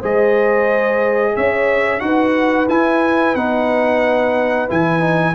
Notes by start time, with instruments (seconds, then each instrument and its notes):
0.00 tuba G#3, trombone G#4, horn C5, trumpet D#5
1.35 tuba C#4, horn C#5, trumpet E5
2.00 tuba D#4, trombone F#4, horn B4, trumpet F#5
2.68 tuba E4, trombone E4, trumpet G#5
3.35 tuba B3, trombone D#4, trumpet F#5
4.69 tuba E3, trombone E4, trumpet G#5
5.00 trombone D#4